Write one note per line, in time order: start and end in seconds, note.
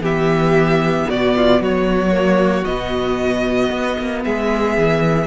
0.00 1.05 E3
0.00 2.12 B3
0.00 1.07 G4
0.00 1.10 E5
1.08 1.60 B2
1.08 1.35 F#4
1.08 1.62 D5
1.36 1.61 F4
1.60 2.65 F#3
1.60 4.24 F#4
1.60 2.64 C#5
2.12 2.64 A#3
2.64 3.70 B2
2.64 5.27 B3
2.64 4.22 D#5
3.70 3.96 B3
3.98 4.25 A#3
4.24 4.77 G#3
4.24 5.27 G#4
4.24 5.27 E5
4.77 5.27 E3